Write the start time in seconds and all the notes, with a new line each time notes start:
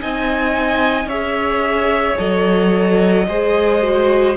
0.00 C4 D#4 D#5 G#5
1.06 C#4 G#4 C#5 E5
2.18 F#3 A4 D#5
3.28 G#3 G#4 C5
3.82 F#4